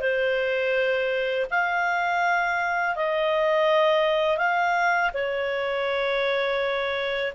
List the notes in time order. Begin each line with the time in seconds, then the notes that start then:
0.00 C5
1.50 F5
2.95 D#5
4.37 F5
5.14 C#5